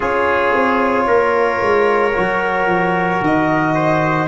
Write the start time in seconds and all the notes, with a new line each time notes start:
0.00 C#4 F4 G#4 C#5
0.54 C4
1.07 A#3 A#4
1.61 G#3
2.14 F#3 F#4
2.66 F3
3.21 D#3 D#5
3.74 C5